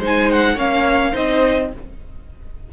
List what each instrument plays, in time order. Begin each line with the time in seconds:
0.00 cello G#3, viola D#4, violin C5 G#5
0.32 violin F#5
0.55 cello A#3, viola C#4, violin C#5 F5
1.12 cello C4, viola D#4, violin C5 D#5